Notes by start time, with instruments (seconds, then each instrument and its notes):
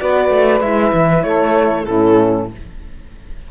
0.00 cello B3, horn F#4, saxophone B4, violin D5
0.30 cello A3
0.61 cello G#3, horn E4, violin E5
0.93 cello E3
1.23 cello A3, saxophone A4, violin C#5
1.85 cello A2, horn C#4, saxophone E4, violin A4